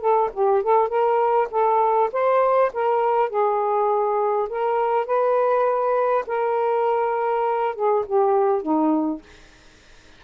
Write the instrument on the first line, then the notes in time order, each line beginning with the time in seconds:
saxophone
0.00 A4
0.33 G4
0.62 A4
0.88 A#4
1.50 A4
2.12 C5
2.72 A#4
3.29 G#4
4.49 A#4
5.05 B4
6.26 A#4
7.75 G#4
8.05 G4
8.62 D#4